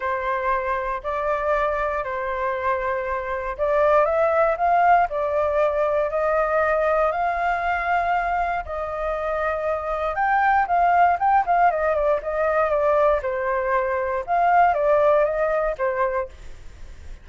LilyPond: \new Staff \with { instrumentName = "flute" } { \time 4/4 \tempo 4 = 118 c''2 d''2 | c''2. d''4 | e''4 f''4 d''2 | dis''2 f''2~ |
f''4 dis''2. | g''4 f''4 g''8 f''8 dis''8 d''8 | dis''4 d''4 c''2 | f''4 d''4 dis''4 c''4 | }